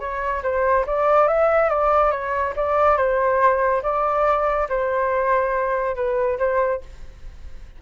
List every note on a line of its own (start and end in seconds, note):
0.00 0.43 C#5
0.43 0.85 C5
0.87 1.28 D5
1.28 1.69 E5
1.69 2.11 D5
2.11 2.54 C#5
2.56 2.97 D5
2.97 3.82 C5
3.83 4.68 D5
4.69 5.96 C5
5.96 6.38 B4
6.39 6.81 C5